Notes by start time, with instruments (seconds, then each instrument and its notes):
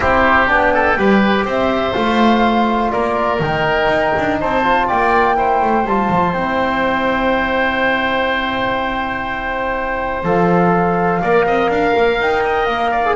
0.00 double bass C4, trombone E4, oboe G4, flute C5
0.47 double bass B3, trombone D4, flute G5
0.73 oboe A4
0.97 double bass G3, trombone G4, oboe B4
1.44 double bass C4, oboe C5, flute E5
1.93 double bass A3, trombone F4, flute F5
2.91 double bass A#3, oboe A#4, flute D5
3.39 double bass D#3, trombone D#4, flute G5
3.88 double bass D#4
4.18 double bass D4
4.39 double bass C4, oboe C5, flute A5
4.63 trombone F4
4.87 double bass A#3, oboe D5, flute G5
5.36 trombone E4, oboe C5
5.62 double bass A3
5.85 double bass G3, trombone F4, flute A5
6.10 double bass F3
6.33 double bass C4, trombone E4, flute G5
10.23 double bass F3, trombone A4, flute F5
11.21 double bass A#3, trombone A#4, oboe D5
11.46 double bass C4, oboe D#5
11.69 double bass D4, oboe F5
11.96 double bass A#3
12.20 double bass D#4, flute G5
12.43 oboe D#5
12.65 double bass A#3, flute F5
12.91 oboe D5
13.05 trombone G#4